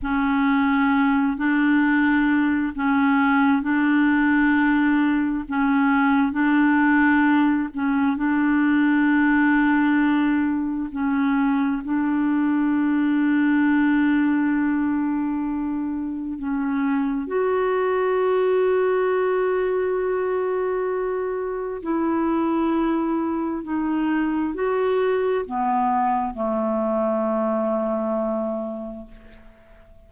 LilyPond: \new Staff \with { instrumentName = "clarinet" } { \time 4/4 \tempo 4 = 66 cis'4. d'4. cis'4 | d'2 cis'4 d'4~ | d'8 cis'8 d'2. | cis'4 d'2.~ |
d'2 cis'4 fis'4~ | fis'1 | e'2 dis'4 fis'4 | b4 a2. | }